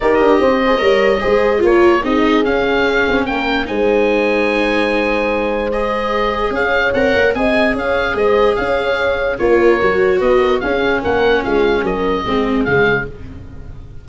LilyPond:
<<
  \new Staff \with { instrumentName = "oboe" } { \time 4/4 \tempo 4 = 147 dis''1 | cis''4 dis''4 f''2 | g''4 gis''2.~ | gis''2 dis''2 |
f''4 fis''4 gis''4 f''4 | dis''4 f''2 cis''4~ | cis''4 dis''4 f''4 fis''4 | f''4 dis''2 f''4 | }
  \new Staff \with { instrumentName = "horn" } { \time 4/4 ais'4 c''4 cis''4 c''4 | ais'4 gis'2. | ais'4 c''2.~ | c''1 |
cis''2 dis''4 cis''4 | c''4 cis''2 ais'4~ | ais'4 b'8 ais'8 gis'4 ais'4 | f'4 ais'4 gis'2 | }
  \new Staff \with { instrumentName = "viola" } { \time 4/4 g'4. gis'8 ais'4 gis'4 | f'4 dis'4 cis'2~ | cis'4 dis'2.~ | dis'2 gis'2~ |
gis'4 ais'4 gis'2~ | gis'2. f'4 | fis'2 cis'2~ | cis'2 c'4 gis4 | }
  \new Staff \with { instrumentName = "tuba" } { \time 4/4 dis'8 d'8 c'4 g4 gis4 | ais4 c'4 cis'4. c'8 | ais4 gis2.~ | gis1 |
cis'4 c'8 ais8 c'4 cis'4 | gis4 cis'2 ais4 | fis4 b4 cis'4 ais4 | gis4 fis4 gis4 cis4 | }
>>